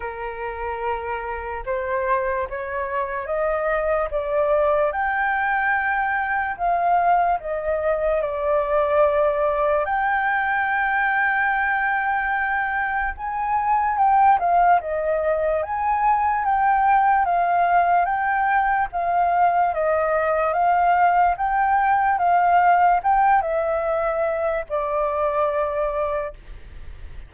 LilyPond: \new Staff \with { instrumentName = "flute" } { \time 4/4 \tempo 4 = 73 ais'2 c''4 cis''4 | dis''4 d''4 g''2 | f''4 dis''4 d''2 | g''1 |
gis''4 g''8 f''8 dis''4 gis''4 | g''4 f''4 g''4 f''4 | dis''4 f''4 g''4 f''4 | g''8 e''4. d''2 | }